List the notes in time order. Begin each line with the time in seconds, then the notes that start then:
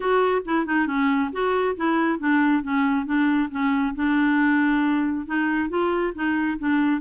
0.00 F#4
0.45 E4
0.66 D#4
0.86 C#4
1.32 F#4
1.76 E4
2.19 D4
2.62 C#4
3.05 D4
3.51 C#4
3.95 D4
5.26 D#4
5.69 F4
6.14 D#4
6.59 D4